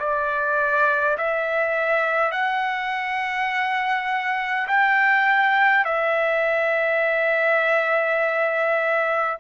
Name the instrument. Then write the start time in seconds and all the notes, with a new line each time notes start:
trumpet
0.00 D5
1.18 E5
2.32 F#5
4.68 G5
5.85 E5